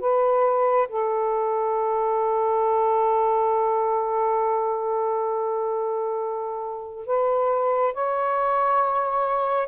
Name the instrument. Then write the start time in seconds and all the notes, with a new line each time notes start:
saxophone
0.00 B4
0.89 A4
7.06 B4
7.94 C#5